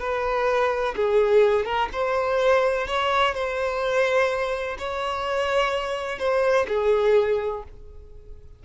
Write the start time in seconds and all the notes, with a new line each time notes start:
0.00 B4
0.97 G#4
1.66 A#4
1.93 C5
2.87 C#5
3.35 C5
4.79 C#5
6.19 C5
6.68 G#4